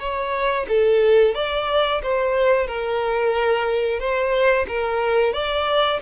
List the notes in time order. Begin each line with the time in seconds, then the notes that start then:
0.00 C#5
0.69 A4
1.35 D5
2.03 C5
2.68 A#4
4.00 C5
4.68 A#4
5.34 D5